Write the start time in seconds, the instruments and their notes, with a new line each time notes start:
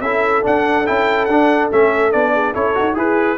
0.00 tuba C#4, trombone E4, horn A4, trumpet E5
0.42 trombone D4, tuba D4, trumpet F#5
0.86 tuba C#4, trombone E4, trumpet G5
1.25 tuba D4, trombone D4, trumpet F#5
1.71 tuba A3, trombone C#4, trumpet E5
2.11 tuba B3, trombone D4, trumpet D5
2.33 horn G#4
2.53 tuba C#4, trombone E4, horn A4, trumpet C#5
2.74 tuba D#4, trombone F#4
2.94 tuba E4, trombone G#4, horn G#4, trumpet B4